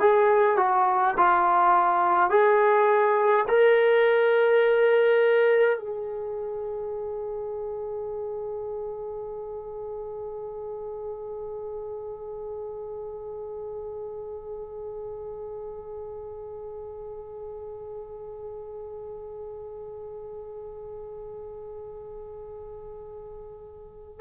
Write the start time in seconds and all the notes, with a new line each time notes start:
0.00 G#4
0.57 F#4
1.17 F4
2.30 G#4
3.48 A#4
5.78 G#4